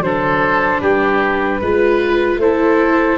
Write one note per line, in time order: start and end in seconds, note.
0.00 0.79 F#3
0.00 1.62 D4
0.00 0.81 A4
0.00 0.80 C5
0.80 1.61 G3
0.80 1.60 G4
0.80 2.37 B4
1.61 2.36 G#3
1.61 2.41 F4
1.61 2.40 B4
2.36 3.15 A3
2.36 3.18 E4
2.36 3.18 A4
2.36 3.18 C5